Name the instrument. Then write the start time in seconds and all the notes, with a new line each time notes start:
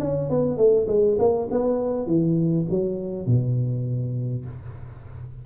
tuba
0.00 C#4
0.30 B3
0.57 A3
0.87 G#3
1.19 A#3
1.51 B3
2.06 E3
2.70 F#3
3.26 B2